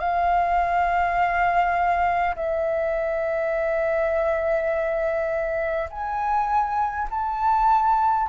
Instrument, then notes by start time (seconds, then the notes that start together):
flute
0.00 F5
2.36 E5
5.91 G#5
7.11 A5